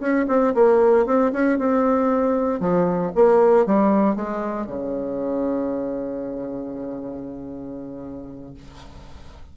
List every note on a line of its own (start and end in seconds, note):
0.00 0.26 C#4
0.28 0.54 C4
0.55 1.06 A#3
1.06 1.32 C4
1.33 1.59 C#4
1.59 2.61 C4
2.61 3.12 F3
3.16 3.66 A#3
3.66 4.16 G3
4.16 4.67 G#3
4.67 8.55 C#3